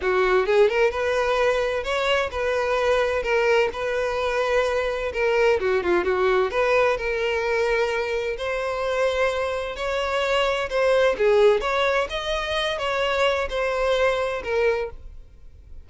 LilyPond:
\new Staff \with { instrumentName = "violin" } { \time 4/4 \tempo 4 = 129 fis'4 gis'8 ais'8 b'2 | cis''4 b'2 ais'4 | b'2. ais'4 | fis'8 f'8 fis'4 b'4 ais'4~ |
ais'2 c''2~ | c''4 cis''2 c''4 | gis'4 cis''4 dis''4. cis''8~ | cis''4 c''2 ais'4 | }